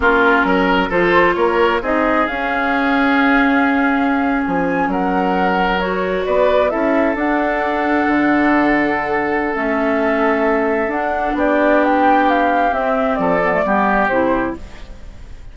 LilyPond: <<
  \new Staff \with { instrumentName = "flute" } { \time 4/4 \tempo 4 = 132 ais'2 c''4 cis''4 | dis''4 f''2.~ | f''4.~ f''16 gis''4 fis''4~ fis''16~ | fis''8. cis''4 d''4 e''4 fis''16~ |
fis''1~ | fis''4 e''2. | fis''4 d''4 g''4 f''4 | e''4 d''2 c''4 | }
  \new Staff \with { instrumentName = "oboe" } { \time 4/4 f'4 ais'4 a'4 ais'4 | gis'1~ | gis'2~ gis'8. ais'4~ ais'16~ | ais'4.~ ais'16 b'4 a'4~ a'16~ |
a'1~ | a'1~ | a'4 g'2.~ | g'4 a'4 g'2 | }
  \new Staff \with { instrumentName = "clarinet" } { \time 4/4 cis'2 f'2 | dis'4 cis'2.~ | cis'1~ | cis'8. fis'2 e'4 d'16~ |
d'1~ | d'4 cis'2. | d'1 | c'4. b16 a16 b4 e'4 | }
  \new Staff \with { instrumentName = "bassoon" } { \time 4/4 ais4 fis4 f4 ais4 | c'4 cis'2.~ | cis'4.~ cis'16 f4 fis4~ fis16~ | fis4.~ fis16 b4 cis'4 d'16~ |
d'4.~ d'16 d2~ d16~ | d4 a2. | d'4 b2. | c'4 f4 g4 c4 | }
>>